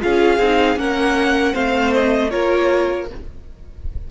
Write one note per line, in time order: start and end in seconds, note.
0.00 0.38 C#4
0.00 0.38 F4
0.00 0.79 G#4
0.00 0.78 F5
0.38 0.76 C4
0.38 0.76 D#4
0.76 1.53 A#3
0.76 1.53 C#4
0.76 1.53 A#4
0.76 1.54 F#5
1.53 2.33 A3
1.53 2.30 C4
1.53 2.30 C5
1.53 1.93 F5
1.94 2.30 D#5
2.30 3.10 A#3
2.30 3.07 F4
2.30 3.07 A#4
2.30 3.07 C#5